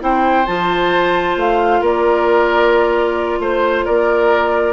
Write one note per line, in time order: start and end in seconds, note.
0.00 0.47 C4
0.00 0.45 E4
0.00 1.81 C5
0.00 0.46 G5
0.46 1.36 F3
0.46 4.73 F4
0.46 1.37 A5
1.36 1.81 A3
1.36 1.85 F5
1.81 3.39 A#3
1.81 3.39 A#4
1.81 3.41 D5
3.40 3.85 A3
3.40 3.86 C5
3.86 4.73 A#3
3.86 4.73 A#4
3.86 4.73 D5